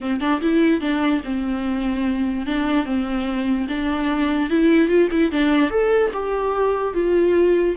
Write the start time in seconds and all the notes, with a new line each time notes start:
0.00 C4
0.20 D4
0.41 E4
0.81 D4
1.24 C4
2.46 D4
2.85 C4
3.68 D4
4.49 E4
4.88 F4
5.11 E4
5.31 D4
5.70 A4
6.13 G4
6.94 F4